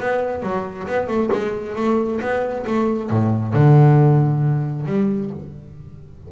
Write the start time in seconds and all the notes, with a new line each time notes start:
0.00 B3
0.43 F#3
0.87 B3
1.08 A3
1.33 G#3
1.76 A3
2.21 B3
2.67 A3
3.11 A2
3.54 D3
4.86 G3